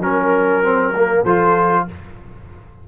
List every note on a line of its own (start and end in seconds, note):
0.00 1.22 F#3
0.00 0.63 C#4
0.00 1.25 A#4
0.00 1.23 A#4
0.63 0.94 C4
0.95 1.26 A#3
1.23 1.86 F3
1.23 1.88 F4
1.23 1.85 A4
1.23 1.86 C5